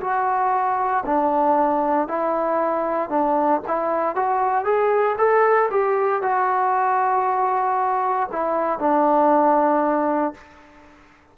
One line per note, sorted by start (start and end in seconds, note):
0.00 1.03 F#4
1.05 2.08 D4
2.08 3.09 E4
3.09 3.61 D4
3.67 4.15 E4
4.15 4.64 F#4
4.64 5.16 G#4
5.18 5.69 A4
5.70 6.22 G4
6.22 8.29 F#4
8.31 8.78 E4
8.78 10.34 D4